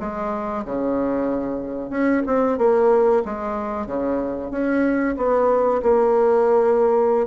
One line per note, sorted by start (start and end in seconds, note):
0.00 0.65 G#3
0.65 1.90 C#3
1.90 2.22 C#4
2.26 2.58 C4
2.58 3.23 A#3
3.25 3.87 G#3
3.87 4.51 C#3
4.51 5.16 C#4
5.17 5.82 B3
5.82 7.27 A#3